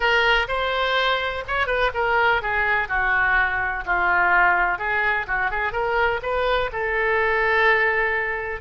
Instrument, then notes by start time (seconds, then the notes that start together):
oboe
0.00 A#4
0.48 C5
1.47 C#5
1.66 B4
1.94 A#4
2.42 G#4
2.88 F#4
3.85 F4
4.78 G#4
5.27 F#4
5.50 G#4
5.72 A#4
6.22 B4
6.72 A4